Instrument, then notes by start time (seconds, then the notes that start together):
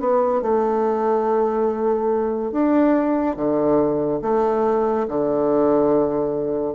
bassoon
0.00 B3
0.42 A3
2.52 D4
3.36 D3
4.22 A3
5.08 D3